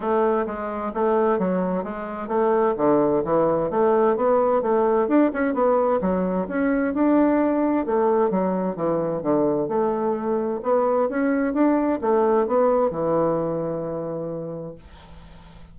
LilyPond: \new Staff \with { instrumentName = "bassoon" } { \time 4/4 \tempo 4 = 130 a4 gis4 a4 fis4 | gis4 a4 d4 e4 | a4 b4 a4 d'8 cis'8 | b4 fis4 cis'4 d'4~ |
d'4 a4 fis4 e4 | d4 a2 b4 | cis'4 d'4 a4 b4 | e1 | }